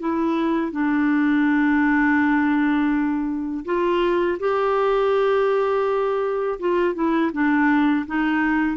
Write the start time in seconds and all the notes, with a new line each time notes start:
0.00 E4
0.72 D4
3.66 F4
4.40 G4
6.60 F4
6.95 E4
7.33 D4
8.07 D#4